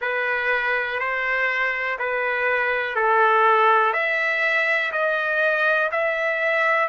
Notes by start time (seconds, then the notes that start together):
0.01 B4
0.99 C5
1.99 B4
2.95 A4
3.93 E5
4.92 D#5
5.92 E5